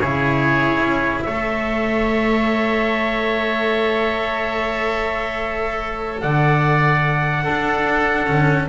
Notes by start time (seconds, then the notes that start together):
0.00 C#3 E4 G#4 C#5
0.81 C#4
1.22 A3 A4 C#5 E5
6.21 D3 D5 F#5
7.44 D4 A4
8.27 D3 C#4